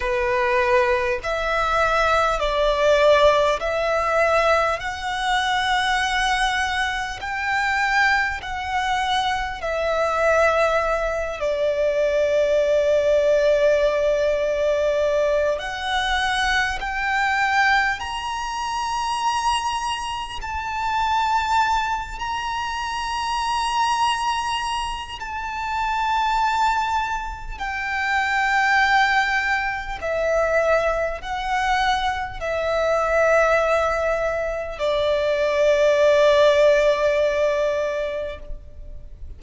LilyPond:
\new Staff \with { instrumentName = "violin" } { \time 4/4 \tempo 4 = 50 b'4 e''4 d''4 e''4 | fis''2 g''4 fis''4 | e''4. d''2~ d''8~ | d''4 fis''4 g''4 ais''4~ |
ais''4 a''4. ais''4.~ | ais''4 a''2 g''4~ | g''4 e''4 fis''4 e''4~ | e''4 d''2. | }